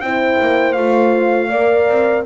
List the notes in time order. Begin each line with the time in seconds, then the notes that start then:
0.00 C4 E4 C5 G5
0.41 A#3
0.73 A3 F4 F5
1.49 A#3 A#4 D5
1.88 C4